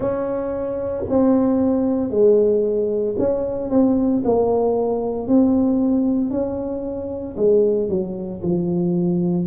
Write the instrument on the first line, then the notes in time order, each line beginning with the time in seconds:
tuba
0.00 C#4
1.09 C4
2.10 G#3
3.18 C#4
3.70 C4
4.24 A#3
5.27 C4
6.30 C#4
7.36 G#3
7.89 F#3
8.42 F3